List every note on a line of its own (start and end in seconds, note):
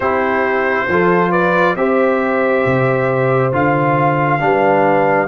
0.00 0.86 C4
0.00 0.89 E4
0.00 0.86 G4
0.00 1.31 C5
0.88 1.75 F3
0.88 1.77 F4
0.88 1.30 A4
1.30 1.74 B4
1.30 1.75 D5
1.75 2.64 C4
1.75 3.52 G4
1.75 4.42 C5
1.75 3.52 E5
2.65 3.52 C3
3.52 4.40 D3
3.52 4.39 F4
3.52 5.28 F5
4.39 5.28 G3
4.39 5.28 D4
4.39 5.28 B4